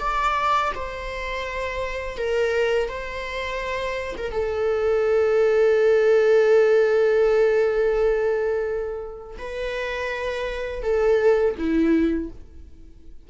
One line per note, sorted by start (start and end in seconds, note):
0.00 0.72 D5
0.76 2.18 C5
2.18 2.89 A#4
2.89 4.15 C5
4.17 4.32 A#4
4.32 9.38 A4
9.38 10.83 B4
10.83 11.55 A4
11.58 12.30 E4